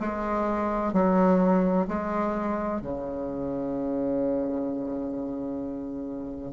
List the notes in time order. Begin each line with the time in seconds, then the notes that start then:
0.00 G#3
0.93 F#3
1.87 G#3
2.81 C#3